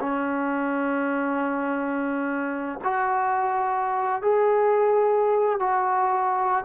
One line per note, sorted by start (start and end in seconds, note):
0.00 2.79 C#4
2.84 4.22 F#4
4.22 5.60 G#4
5.60 6.64 F#4